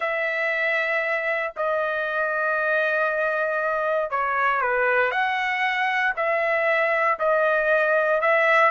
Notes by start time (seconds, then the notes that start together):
0.00 E5
1.56 D#5
4.10 C#5
4.61 B4
5.11 F#5
6.16 E5
7.19 D#5
8.21 E5